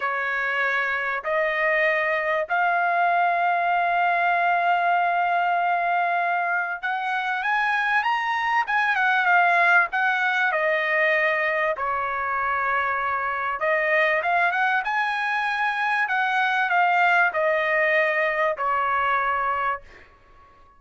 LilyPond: \new Staff \with { instrumentName = "trumpet" } { \time 4/4 \tempo 4 = 97 cis''2 dis''2 | f''1~ | f''2. fis''4 | gis''4 ais''4 gis''8 fis''8 f''4 |
fis''4 dis''2 cis''4~ | cis''2 dis''4 f''8 fis''8 | gis''2 fis''4 f''4 | dis''2 cis''2 | }